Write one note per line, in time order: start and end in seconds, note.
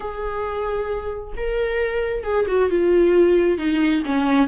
0.00 1.34 G#4
1.37 2.23 A#4
2.23 2.46 G#4
2.47 2.69 F#4
2.69 3.58 F4
3.58 4.02 D#4
4.05 4.47 C#4